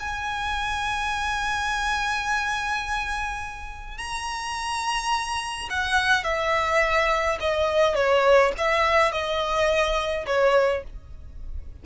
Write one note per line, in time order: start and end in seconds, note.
0.00 3.98 G#5
3.98 5.69 A#5
5.70 6.24 F#5
6.24 7.38 E5
7.41 7.95 D#5
7.95 8.52 C#5
8.58 9.12 E5
9.12 10.26 D#5
10.26 10.84 C#5